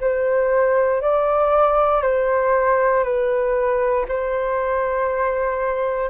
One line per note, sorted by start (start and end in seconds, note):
0.00 1.01 C5
1.01 2.02 D5
2.02 3.04 C5
3.04 4.06 B4
4.08 6.10 C5